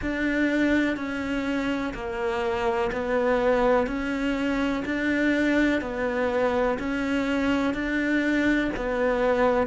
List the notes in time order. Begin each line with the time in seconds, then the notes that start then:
0.01 D4
0.96 C#4
1.94 A#3
2.92 B3
3.87 C#4
4.85 D4
5.81 B3
6.78 C#4
7.74 D4
8.76 B3